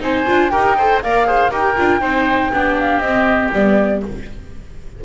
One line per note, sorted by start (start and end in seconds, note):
0.00 0.26 C4
0.00 0.25 D#4
0.00 0.52 C5
0.00 0.50 G#5
0.27 0.54 D4
0.27 0.52 F4
0.50 1.04 D#4
0.50 0.77 G4
0.50 0.77 A#4
0.50 1.00 G5
0.78 1.04 A4
0.78 1.03 C5
1.03 1.52 A#3
1.03 1.26 A#4
1.03 1.28 D5
1.03 1.53 F5
1.26 1.51 G#4
1.26 1.51 C5
1.51 1.77 D#4
1.51 1.77 G4
1.51 2.01 A#4
1.51 2.78 G5
1.77 2.01 D4
1.77 2.02 F4
2.01 2.51 C4
2.01 2.52 D#4
2.01 2.51 C5
2.53 2.99 B3
2.53 3.03 D4
2.53 4.05 G4
2.79 3.00 F5
2.99 3.49 C4
2.99 3.55 C4
2.99 3.50 D#5
3.53 4.03 G3
3.53 4.05 B3
3.53 4.03 D5